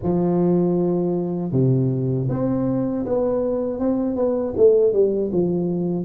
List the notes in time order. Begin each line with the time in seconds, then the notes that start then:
0.02 F3
1.52 C3
2.29 C4
3.06 B3
3.79 C4
4.15 B3
4.56 A3
4.93 G3
5.32 F3